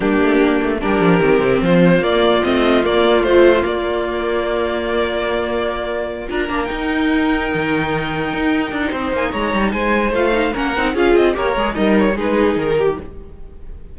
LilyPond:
<<
  \new Staff \with { instrumentName = "violin" } { \time 4/4 \tempo 4 = 148 g'2 ais'2 | c''4 d''4 dis''4 d''4 | c''4 d''2.~ | d''2.~ d''8 ais''8~ |
ais''8 g''2.~ g''8~ | g''2~ g''8 gis''8 ais''4 | gis''4 f''4 fis''4 f''8 dis''8 | cis''4 dis''8 cis''8 b'4 ais'4 | }
  \new Staff \with { instrumentName = "violin" } { \time 4/4 d'2 g'2 | f'1~ | f'1~ | f'2.~ f'8 ais'8~ |
ais'1~ | ais'2 c''4 cis''4 | c''2 ais'4 gis'4 | ais'4 dis'4 gis'4. g'8 | }
  \new Staff \with { instrumentName = "viola" } { \time 4/4 ais2 d'4 c'4~ | c'4 ais4 c'4 ais4 | f4 ais2.~ | ais2.~ ais8 f'8 |
d'8 dis'2.~ dis'8~ | dis'1~ | dis'4 f'8 dis'8 cis'8 dis'8 f'4 | g'8 gis'8 ais'4 dis'2 | }
  \new Staff \with { instrumentName = "cello" } { \time 4/4 g8 a8 ais8 a8 g8 f8 dis8 c8 | f4 ais4 a4 ais4 | a4 ais2.~ | ais2.~ ais8 d'8 |
ais8 dis'2 dis4.~ | dis8 dis'4 d'8 c'8 ais8 gis8 g8 | gis4 a4 ais8 c'8 cis'8 c'8 | ais8 gis8 g4 gis4 dis4 | }
>>